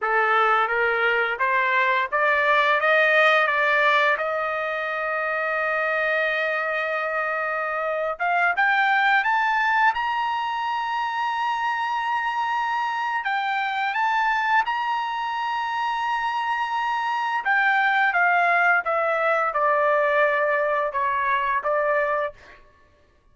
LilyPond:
\new Staff \with { instrumentName = "trumpet" } { \time 4/4 \tempo 4 = 86 a'4 ais'4 c''4 d''4 | dis''4 d''4 dis''2~ | dis''2.~ dis''8. f''16~ | f''16 g''4 a''4 ais''4.~ ais''16~ |
ais''2. g''4 | a''4 ais''2.~ | ais''4 g''4 f''4 e''4 | d''2 cis''4 d''4 | }